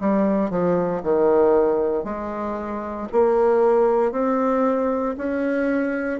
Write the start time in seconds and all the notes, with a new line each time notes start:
0.00 G3
0.50 F3
1.03 D#3
2.04 G#3
3.12 A#3
4.11 C4
5.17 C#4